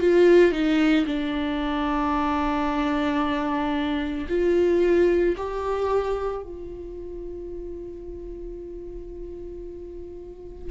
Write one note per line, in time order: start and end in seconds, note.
0.00 0.52 F4
0.52 1.06 D#4
1.06 4.28 D4
4.29 5.36 F4
5.37 6.43 G4
6.43 10.71 F4